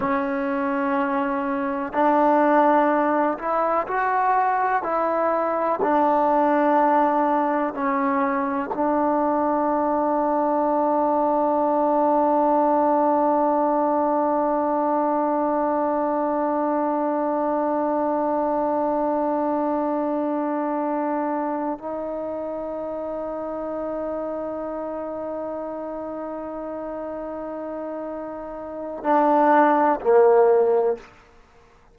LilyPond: \new Staff \with { instrumentName = "trombone" } { \time 4/4 \tempo 4 = 62 cis'2 d'4. e'8 | fis'4 e'4 d'2 | cis'4 d'2.~ | d'1~ |
d'1~ | d'2~ d'8 dis'4.~ | dis'1~ | dis'2 d'4 ais4 | }